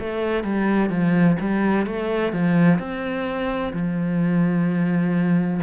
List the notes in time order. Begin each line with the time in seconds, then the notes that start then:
0.00 A3
0.44 G3
0.90 F3
1.40 G3
1.87 A3
2.33 F3
2.79 C4
3.73 F3